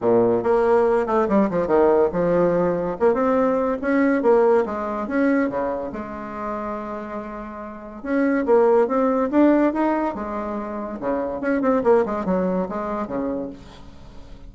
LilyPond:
\new Staff \with { instrumentName = "bassoon" } { \time 4/4 \tempo 4 = 142 ais,4 ais4. a8 g8 f8 | dis4 f2 ais8 c'8~ | c'4 cis'4 ais4 gis4 | cis'4 cis4 gis2~ |
gis2. cis'4 | ais4 c'4 d'4 dis'4 | gis2 cis4 cis'8 c'8 | ais8 gis8 fis4 gis4 cis4 | }